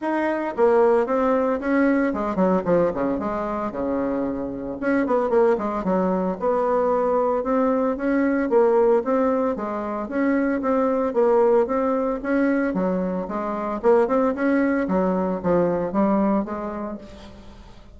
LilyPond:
\new Staff \with { instrumentName = "bassoon" } { \time 4/4 \tempo 4 = 113 dis'4 ais4 c'4 cis'4 | gis8 fis8 f8 cis8 gis4 cis4~ | cis4 cis'8 b8 ais8 gis8 fis4 | b2 c'4 cis'4 |
ais4 c'4 gis4 cis'4 | c'4 ais4 c'4 cis'4 | fis4 gis4 ais8 c'8 cis'4 | fis4 f4 g4 gis4 | }